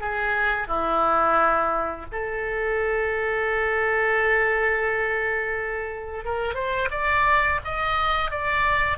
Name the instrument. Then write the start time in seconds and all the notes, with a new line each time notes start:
oboe
0.00 G#4
0.67 E4
2.12 A4
6.24 A#4
6.54 C5
6.91 D5
7.64 D#5
8.30 D5